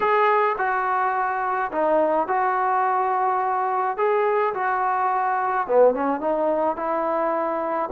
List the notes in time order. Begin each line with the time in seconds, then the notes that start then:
0.00 G#4
0.58 F#4
1.71 D#4
2.27 F#4
3.97 G#4
4.53 F#4
5.67 B3
5.94 C#4
6.20 D#4
6.76 E4